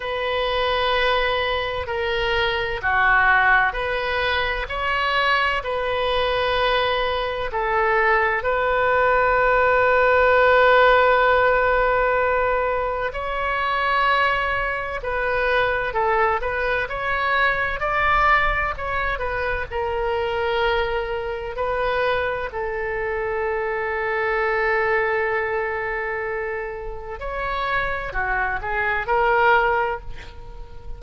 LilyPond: \new Staff \with { instrumentName = "oboe" } { \time 4/4 \tempo 4 = 64 b'2 ais'4 fis'4 | b'4 cis''4 b'2 | a'4 b'2.~ | b'2 cis''2 |
b'4 a'8 b'8 cis''4 d''4 | cis''8 b'8 ais'2 b'4 | a'1~ | a'4 cis''4 fis'8 gis'8 ais'4 | }